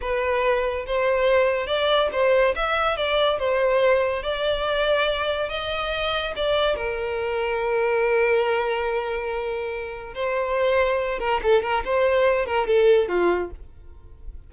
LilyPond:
\new Staff \with { instrumentName = "violin" } { \time 4/4 \tempo 4 = 142 b'2 c''2 | d''4 c''4 e''4 d''4 | c''2 d''2~ | d''4 dis''2 d''4 |
ais'1~ | ais'1 | c''2~ c''8 ais'8 a'8 ais'8 | c''4. ais'8 a'4 f'4 | }